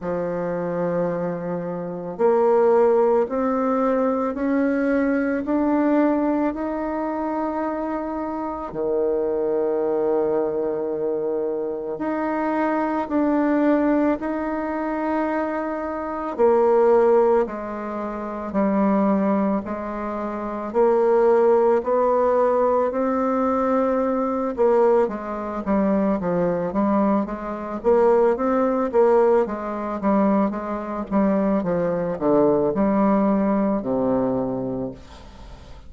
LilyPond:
\new Staff \with { instrumentName = "bassoon" } { \time 4/4 \tempo 4 = 55 f2 ais4 c'4 | cis'4 d'4 dis'2 | dis2. dis'4 | d'4 dis'2 ais4 |
gis4 g4 gis4 ais4 | b4 c'4. ais8 gis8 g8 | f8 g8 gis8 ais8 c'8 ais8 gis8 g8 | gis8 g8 f8 d8 g4 c4 | }